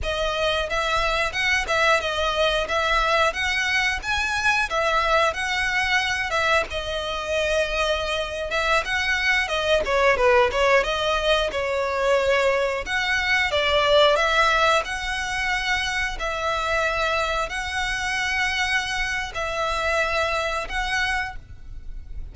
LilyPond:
\new Staff \with { instrumentName = "violin" } { \time 4/4 \tempo 4 = 90 dis''4 e''4 fis''8 e''8 dis''4 | e''4 fis''4 gis''4 e''4 | fis''4. e''8 dis''2~ | dis''8. e''8 fis''4 dis''8 cis''8 b'8 cis''16~ |
cis''16 dis''4 cis''2 fis''8.~ | fis''16 d''4 e''4 fis''4.~ fis''16~ | fis''16 e''2 fis''4.~ fis''16~ | fis''4 e''2 fis''4 | }